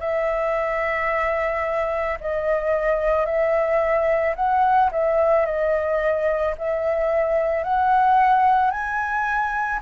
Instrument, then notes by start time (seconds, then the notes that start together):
flute
0.00 E5
2.21 D#5
3.26 E5
4.36 F#5
4.92 E5
5.46 D#5
6.58 E5
7.64 F#5
8.71 G#5